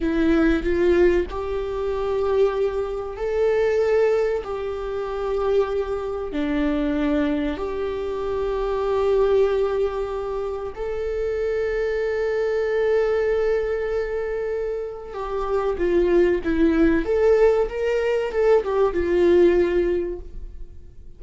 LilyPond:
\new Staff \with { instrumentName = "viola" } { \time 4/4 \tempo 4 = 95 e'4 f'4 g'2~ | g'4 a'2 g'4~ | g'2 d'2 | g'1~ |
g'4 a'2.~ | a'1 | g'4 f'4 e'4 a'4 | ais'4 a'8 g'8 f'2 | }